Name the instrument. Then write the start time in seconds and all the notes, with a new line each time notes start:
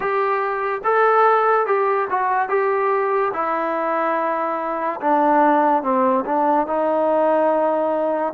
trombone
0.00 G4
0.83 A4
1.66 G4
2.10 F#4
2.48 G4
3.33 E4
5.00 D4
5.82 C4
6.25 D4
6.66 D#4